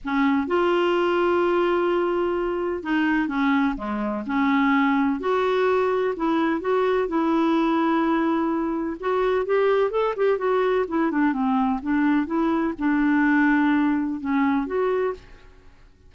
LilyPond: \new Staff \with { instrumentName = "clarinet" } { \time 4/4 \tempo 4 = 127 cis'4 f'2.~ | f'2 dis'4 cis'4 | gis4 cis'2 fis'4~ | fis'4 e'4 fis'4 e'4~ |
e'2. fis'4 | g'4 a'8 g'8 fis'4 e'8 d'8 | c'4 d'4 e'4 d'4~ | d'2 cis'4 fis'4 | }